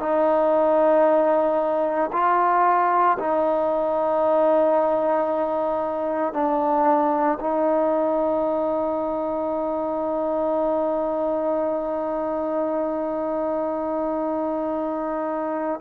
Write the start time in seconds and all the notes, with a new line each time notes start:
0.00 D#4
2.13 F4
3.19 D#4
6.34 D4
7.40 D#4